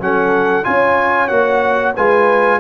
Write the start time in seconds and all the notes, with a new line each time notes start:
0.00 F#3 C#4 A4 F#5
0.63 C#4 F4 C#5 G#5
1.28 A#3 F#4 F#5
1.95 G#3 F4 B4 G#5